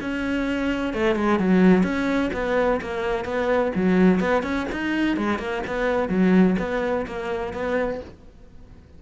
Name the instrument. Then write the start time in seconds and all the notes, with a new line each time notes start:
cello
0.00 C#4
0.93 A3
1.15 G#3
1.39 F#3
1.83 C#4
2.33 B3
2.81 A#3
3.24 B3
3.75 F#3
4.20 B3
4.43 C#4
4.72 D#4
5.16 G#3
5.38 A#3
5.66 B3
6.09 F#3
6.58 B3
7.07 A#3
7.53 B3